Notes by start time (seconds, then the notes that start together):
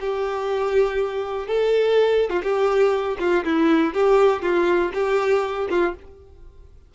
0.00 G4
1.47 A4
2.30 F4
2.43 G4
3.19 F4
3.44 E4
3.94 G4
4.42 F4
4.94 G4
5.70 F4